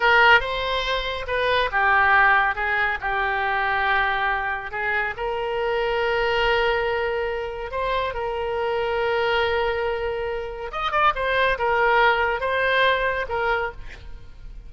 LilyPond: \new Staff \with { instrumentName = "oboe" } { \time 4/4 \tempo 4 = 140 ais'4 c''2 b'4 | g'2 gis'4 g'4~ | g'2. gis'4 | ais'1~ |
ais'2 c''4 ais'4~ | ais'1~ | ais'4 dis''8 d''8 c''4 ais'4~ | ais'4 c''2 ais'4 | }